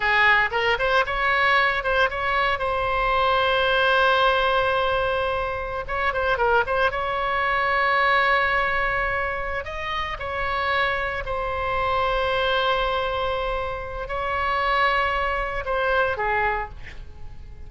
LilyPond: \new Staff \with { instrumentName = "oboe" } { \time 4/4 \tempo 4 = 115 gis'4 ais'8 c''8 cis''4. c''8 | cis''4 c''2.~ | c''2.~ c''16 cis''8 c''16~ | c''16 ais'8 c''8 cis''2~ cis''8.~ |
cis''2~ cis''8 dis''4 cis''8~ | cis''4. c''2~ c''8~ | c''2. cis''4~ | cis''2 c''4 gis'4 | }